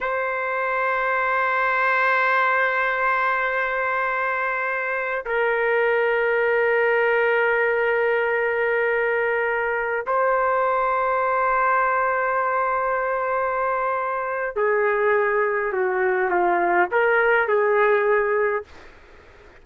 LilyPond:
\new Staff \with { instrumentName = "trumpet" } { \time 4/4 \tempo 4 = 103 c''1~ | c''1~ | c''4 ais'2.~ | ais'1~ |
ais'4~ ais'16 c''2~ c''8.~ | c''1~ | c''4 gis'2 fis'4 | f'4 ais'4 gis'2 | }